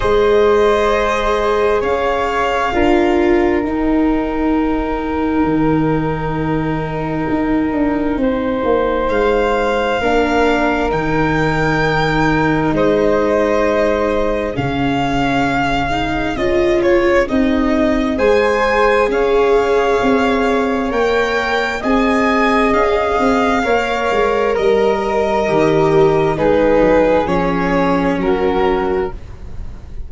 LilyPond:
<<
  \new Staff \with { instrumentName = "violin" } { \time 4/4 \tempo 4 = 66 dis''2 f''2 | g''1~ | g''2 f''2 | g''2 dis''2 |
f''2 dis''8 cis''8 dis''4 | gis''4 f''2 g''4 | gis''4 f''2 dis''4~ | dis''4 b'4 cis''4 ais'4 | }
  \new Staff \with { instrumentName = "flute" } { \time 4/4 c''2 cis''4 ais'4~ | ais'1~ | ais'4 c''2 ais'4~ | ais'2 c''2 |
gis'1 | c''4 cis''2. | dis''2 cis''4 ais'4~ | ais'4 gis'2 fis'4 | }
  \new Staff \with { instrumentName = "viola" } { \time 4/4 gis'2. f'4 | dis'1~ | dis'2. d'4 | dis'1 |
cis'4. dis'8 f'4 dis'4 | gis'2. ais'4 | gis'2 ais'2 | g'4 dis'4 cis'2 | }
  \new Staff \with { instrumentName = "tuba" } { \time 4/4 gis2 cis'4 d'4 | dis'2 dis2 | dis'8 d'8 c'8 ais8 gis4 ais4 | dis2 gis2 |
cis2 cis'4 c'4 | gis4 cis'4 c'4 ais4 | c'4 cis'8 c'8 ais8 gis8 g4 | dis4 gis8 fis8 f4 fis4 | }
>>